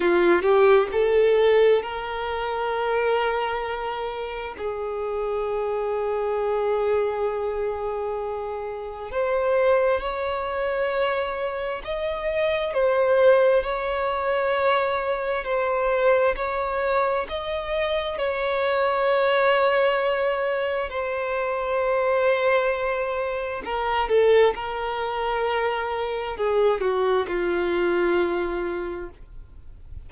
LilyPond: \new Staff \with { instrumentName = "violin" } { \time 4/4 \tempo 4 = 66 f'8 g'8 a'4 ais'2~ | ais'4 gis'2.~ | gis'2 c''4 cis''4~ | cis''4 dis''4 c''4 cis''4~ |
cis''4 c''4 cis''4 dis''4 | cis''2. c''4~ | c''2 ais'8 a'8 ais'4~ | ais'4 gis'8 fis'8 f'2 | }